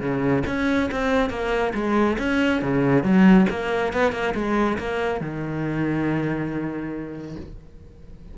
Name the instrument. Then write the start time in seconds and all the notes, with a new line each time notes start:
cello
0.00 C#3
0.46 C#4
0.91 C4
1.29 A#3
1.74 G#3
2.18 C#4
2.61 C#3
3.03 F#3
3.49 A#3
3.93 B3
4.12 A#3
4.34 G#3
4.78 A#3
5.20 D#3